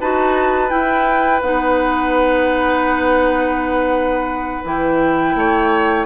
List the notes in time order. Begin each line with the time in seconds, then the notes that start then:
0.00 D#4 F#4 B4 A5
0.69 E4 G5
1.42 B3 D#4 F#5
4.64 E3 E4 G5
5.35 A3 C#5